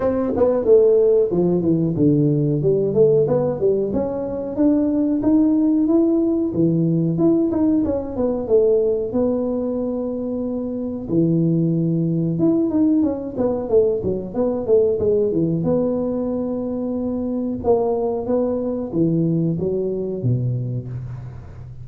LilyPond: \new Staff \with { instrumentName = "tuba" } { \time 4/4 \tempo 4 = 92 c'8 b8 a4 f8 e8 d4 | g8 a8 b8 g8 cis'4 d'4 | dis'4 e'4 e4 e'8 dis'8 | cis'8 b8 a4 b2~ |
b4 e2 e'8 dis'8 | cis'8 b8 a8 fis8 b8 a8 gis8 e8 | b2. ais4 | b4 e4 fis4 b,4 | }